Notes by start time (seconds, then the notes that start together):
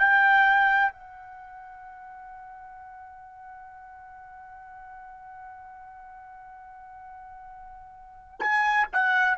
0.00 G5
0.92 F#5
8.40 G#5
8.93 F#5